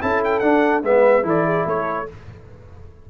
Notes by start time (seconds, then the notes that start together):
0.00 C#4 E4 A4 A5
0.24 G5
0.39 D4 F#5
0.82 G#3 B3 B4 E5
1.23 E3 E4 A4 D5
1.45 G#4
1.66 A3 A4 C#5